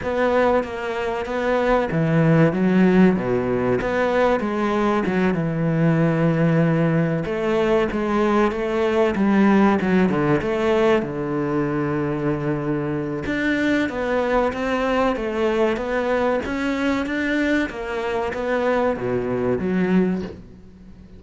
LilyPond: \new Staff \with { instrumentName = "cello" } { \time 4/4 \tempo 4 = 95 b4 ais4 b4 e4 | fis4 b,4 b4 gis4 | fis8 e2. a8~ | a8 gis4 a4 g4 fis8 |
d8 a4 d2~ d8~ | d4 d'4 b4 c'4 | a4 b4 cis'4 d'4 | ais4 b4 b,4 fis4 | }